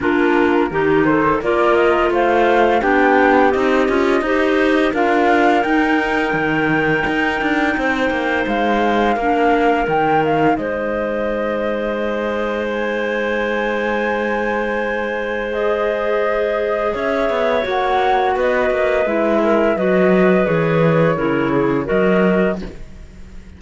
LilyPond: <<
  \new Staff \with { instrumentName = "flute" } { \time 4/4 \tempo 4 = 85 ais'4. c''8 d''8 dis''8 f''4 | g''4 dis''2 f''4 | g''1 | f''2 g''8 f''8 dis''4~ |
dis''2 gis''2~ | gis''2 dis''2 | e''4 fis''4 dis''4 e''4 | dis''4 cis''2 dis''4 | }
  \new Staff \with { instrumentName = "clarinet" } { \time 4/4 f'4 g'8 a'8 ais'4 c''4 | g'2 c''4 ais'4~ | ais'2. c''4~ | c''4 ais'2 c''4~ |
c''1~ | c''1 | cis''2 b'4. ais'8 | b'2 ais'8 gis'8 ais'4 | }
  \new Staff \with { instrumentName = "clarinet" } { \time 4/4 d'4 dis'4 f'2 | d'4 dis'8 f'8 g'4 f'4 | dis'1~ | dis'4 d'4 dis'2~ |
dis'1~ | dis'2 gis'2~ | gis'4 fis'2 e'4 | fis'4 gis'4 e'4 fis'4 | }
  \new Staff \with { instrumentName = "cello" } { \time 4/4 ais4 dis4 ais4 a4 | b4 c'8 cis'8 dis'4 d'4 | dis'4 dis4 dis'8 d'8 c'8 ais8 | gis4 ais4 dis4 gis4~ |
gis1~ | gis1 | cis'8 b8 ais4 b8 ais8 gis4 | fis4 e4 cis4 fis4 | }
>>